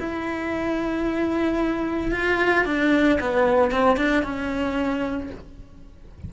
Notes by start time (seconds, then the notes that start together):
0.00 E4
2.12 F4
2.65 D4
3.20 B3
3.72 C4
3.97 D4
4.23 C#4